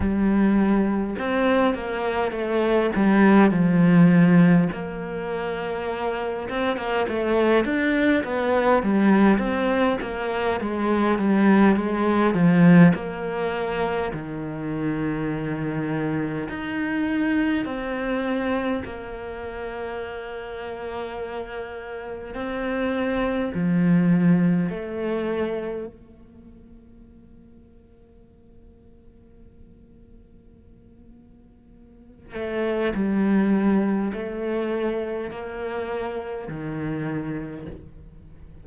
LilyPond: \new Staff \with { instrumentName = "cello" } { \time 4/4 \tempo 4 = 51 g4 c'8 ais8 a8 g8 f4 | ais4. c'16 ais16 a8 d'8 b8 g8 | c'8 ais8 gis8 g8 gis8 f8 ais4 | dis2 dis'4 c'4 |
ais2. c'4 | f4 a4 ais2~ | ais2.~ ais8 a8 | g4 a4 ais4 dis4 | }